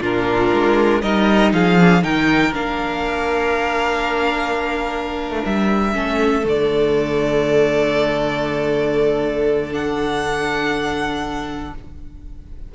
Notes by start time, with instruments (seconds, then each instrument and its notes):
0.00 cello A#2, viola D4, violin F4 A#4
0.53 cello G#3
1.02 cello G3, viola D#4, violin A#4 D#5
1.52 cello F3, violin G#4 F5
1.79 viola D4
2.02 cello D#3, viola D#4, violin A#4 G5
2.53 cello A#3, viola D4, violin F5
5.30 cello A3
5.45 cello G3, violin E5
5.93 cello A3, viola C#4, violin A4
6.43 cello D3, viola A3, violin D5
9.72 viola D4, violin F#5